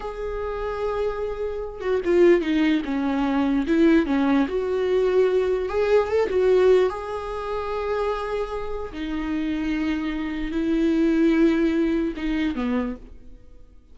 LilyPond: \new Staff \with { instrumentName = "viola" } { \time 4/4 \tempo 4 = 148 gis'1~ | gis'8 fis'8 f'4 dis'4 cis'4~ | cis'4 e'4 cis'4 fis'4~ | fis'2 gis'4 a'8 fis'8~ |
fis'4 gis'2.~ | gis'2 dis'2~ | dis'2 e'2~ | e'2 dis'4 b4 | }